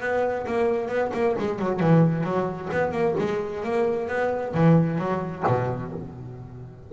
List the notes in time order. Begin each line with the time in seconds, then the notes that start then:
0.00 B3
0.46 A#3
0.88 B3
1.13 A#3
1.38 G#3
1.59 F#3
1.80 E3
2.23 F#3
2.72 B3
2.92 A#3
3.18 G#3
3.63 A#3
4.08 B3
4.54 E3
4.98 F#3
5.47 B2